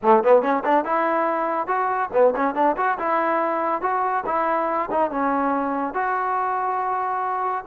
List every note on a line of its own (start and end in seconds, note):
0.02 0.23 A3
0.23 0.42 B3
0.42 0.63 C#4
0.64 0.84 D4
0.84 1.67 E4
1.67 2.09 F#4
2.12 2.34 B3
2.35 2.54 C#4
2.54 2.75 D4
2.77 2.98 F#4
2.98 3.81 E4
3.81 4.24 F#4
4.26 4.89 E4
4.90 5.10 D#4
5.10 5.94 C#4
5.94 7.64 F#4